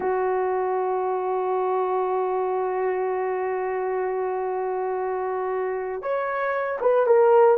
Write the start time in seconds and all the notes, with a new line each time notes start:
0.00 F#4
6.01 C#5
6.80 B4
7.06 A#4